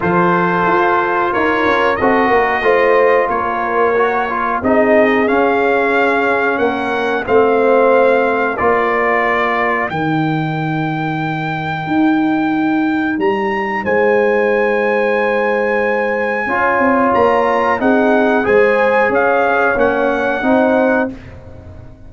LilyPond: <<
  \new Staff \with { instrumentName = "trumpet" } { \time 4/4 \tempo 4 = 91 c''2 cis''4 dis''4~ | dis''4 cis''2 dis''4 | f''2 fis''4 f''4~ | f''4 d''2 g''4~ |
g''1 | ais''4 gis''2.~ | gis''2 ais''4 fis''4 | gis''4 f''4 fis''2 | }
  \new Staff \with { instrumentName = "horn" } { \time 4/4 a'2 ais'4 a'8 ais'8 | c''4 ais'2 gis'4~ | gis'2 ais'4 c''4~ | c''4 ais'2.~ |
ais'1~ | ais'4 c''2.~ | c''4 cis''2 gis'4 | c''4 cis''2 c''4 | }
  \new Staff \with { instrumentName = "trombone" } { \time 4/4 f'2. fis'4 | f'2 fis'8 f'8 dis'4 | cis'2. c'4~ | c'4 f'2 dis'4~ |
dis'1~ | dis'1~ | dis'4 f'2 dis'4 | gis'2 cis'4 dis'4 | }
  \new Staff \with { instrumentName = "tuba" } { \time 4/4 f4 f'4 dis'8 cis'8 c'8 ais8 | a4 ais2 c'4 | cis'2 ais4 a4~ | a4 ais2 dis4~ |
dis2 dis'2 | g4 gis2.~ | gis4 cis'8 c'8 ais4 c'4 | gis4 cis'4 ais4 c'4 | }
>>